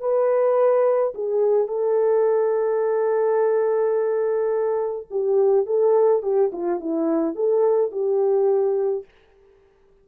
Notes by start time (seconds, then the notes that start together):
0.00 B4
1.14 G#4
1.67 A4
5.10 G4
5.66 A4
6.23 G4
6.52 F4
6.80 E4
7.35 A4
7.92 G4